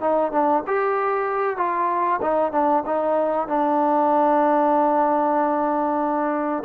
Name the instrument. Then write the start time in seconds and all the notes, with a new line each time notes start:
trombone
0.00 D#4
0.32 D4
0.67 G4
1.57 F4
2.21 D#4
2.52 D4
2.86 D#4
3.47 D4